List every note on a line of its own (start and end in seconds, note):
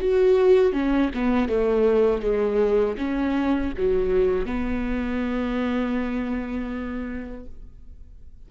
0.00 0.73 F#4
0.73 1.10 C#4
1.14 1.49 B3
1.49 2.22 A3
2.22 2.97 G#3
2.98 3.73 C#4
3.77 4.46 F#3
4.46 7.46 B3